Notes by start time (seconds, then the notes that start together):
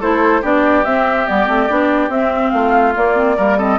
0.00 A3 E4 A4 C5
0.42 B3 D4 G4 D5
0.85 C4 E5
1.27 G3 B3 D5
1.48 A3 C4
1.69 B3 D4
2.09 C4 E5
2.51 A3 F4 F5
2.95 A#3 D5
3.15 C4
3.37 G3 A#3 A#4
3.58 C4 A4 D#5